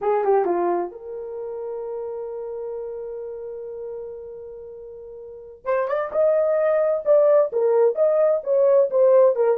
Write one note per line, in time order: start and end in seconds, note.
0.01 0.24 G#4
0.24 0.45 G4
0.45 0.91 F4
0.91 5.64 A#4
5.64 5.87 C5
5.88 6.11 D5
6.12 7.04 D#5
7.05 7.51 D5
7.52 7.95 A#4
7.95 8.41 D#5
8.43 8.90 C#5
8.90 9.35 C5
9.35 9.57 A#4